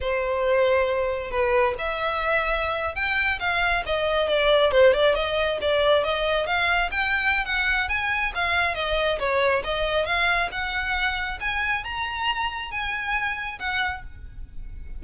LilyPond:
\new Staff \with { instrumentName = "violin" } { \time 4/4 \tempo 4 = 137 c''2. b'4 | e''2~ e''8. g''4 f''16~ | f''8. dis''4 d''4 c''8 d''8 dis''16~ | dis''8. d''4 dis''4 f''4 g''16~ |
g''4 fis''4 gis''4 f''4 | dis''4 cis''4 dis''4 f''4 | fis''2 gis''4 ais''4~ | ais''4 gis''2 fis''4 | }